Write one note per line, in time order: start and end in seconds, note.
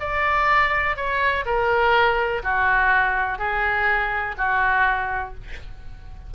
0.00 0.97 D5
0.97 1.45 C#5
1.46 2.43 A#4
2.43 3.38 F#4
3.38 4.35 G#4
4.38 5.35 F#4